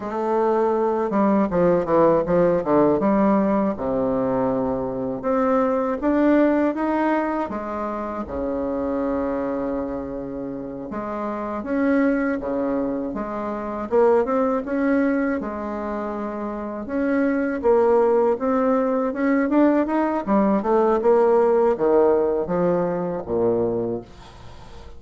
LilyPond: \new Staff \with { instrumentName = "bassoon" } { \time 4/4 \tempo 4 = 80 a4. g8 f8 e8 f8 d8 | g4 c2 c'4 | d'4 dis'4 gis4 cis4~ | cis2~ cis8 gis4 cis'8~ |
cis'8 cis4 gis4 ais8 c'8 cis'8~ | cis'8 gis2 cis'4 ais8~ | ais8 c'4 cis'8 d'8 dis'8 g8 a8 | ais4 dis4 f4 ais,4 | }